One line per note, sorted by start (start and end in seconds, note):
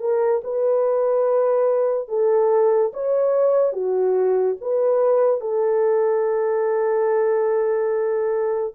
0.00 0.42 A#4
0.44 2.08 B4
2.08 2.92 A4
2.93 3.73 C#5
3.73 4.56 F#4
4.61 5.41 B4
5.41 8.74 A4